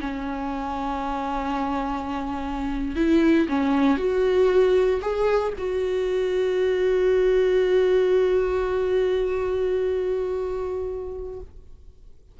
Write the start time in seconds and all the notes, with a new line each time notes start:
0.00 C#4
2.96 E4
3.48 C#4
3.97 F#4
5.01 G#4
5.58 F#4